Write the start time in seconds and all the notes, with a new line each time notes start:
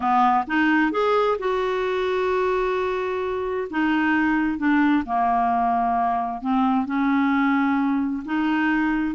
0.00 B3
0.47 D#4
0.91 G#4
1.39 F#4
3.70 D#4
4.58 D4
5.05 A#3
6.41 C4
6.85 C#4
8.25 D#4